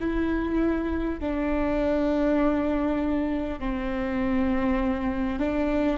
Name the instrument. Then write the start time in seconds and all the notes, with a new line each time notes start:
viola
0.00 E4
1.20 D4
3.59 C4
5.39 D4